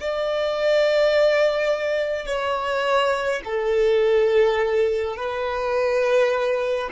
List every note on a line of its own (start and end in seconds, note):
0.00 2.26 D5
2.26 3.41 C#5
3.44 5.16 A4
5.16 6.89 B4